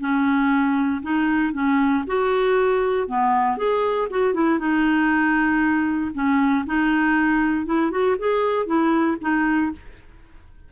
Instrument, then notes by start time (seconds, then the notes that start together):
clarinet
0.00 C#4
1.02 D#4
1.53 C#4
2.07 F#4
3.08 B3
3.57 G#4
4.10 F#4
4.34 E4
4.59 D#4
6.14 C#4
6.66 D#4
7.66 E4
7.91 F#4
8.18 G#4
8.66 E4
9.21 D#4